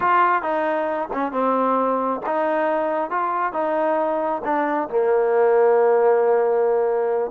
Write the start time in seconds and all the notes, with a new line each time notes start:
0.00 F4
0.42 D#4
1.13 C#4
1.32 C4
2.25 D#4
3.10 F4
3.53 D#4
4.44 D4
4.89 A#3